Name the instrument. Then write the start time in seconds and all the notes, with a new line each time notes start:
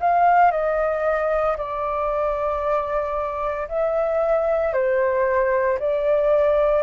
flute
0.00 F5
0.51 D#5
1.57 D5
3.68 E5
4.73 C5
5.79 D5